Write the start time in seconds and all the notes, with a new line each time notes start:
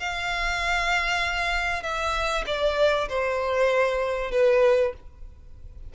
0.00 F5
1.83 E5
2.47 D5
3.10 C5
4.32 B4